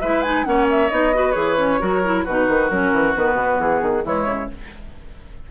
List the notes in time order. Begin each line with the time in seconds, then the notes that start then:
0.00 G#3 E4 B4 E5
0.22 D#4 G#5
0.45 A#3 C#4 C#5 F#5
0.71 E5
0.90 B3 D#4 D#5
1.14 F#4 B4
1.31 E3 G#4 C#5
1.57 C#4
1.80 F#3 F#4 A#4
2.04 E4
2.24 B2 D#4 F#4 B4
2.48 D#3
2.70 F#3 C#4 A#4
2.92 E3
3.14 D#3 B3 B4
3.35 B2
3.60 E3 G#4
3.82 D#3
4.04 E3 G#3 E4 C#5
4.25 C#3